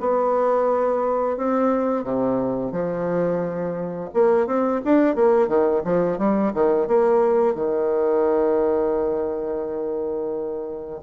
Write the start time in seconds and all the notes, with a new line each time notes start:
0.00 B3
1.37 C4
2.03 C3
2.71 F3
4.13 A#3
4.46 C4
4.84 D4
5.15 A#3
5.47 D#3
5.84 F3
6.18 G3
6.53 D#3
6.87 A#3
7.55 D#3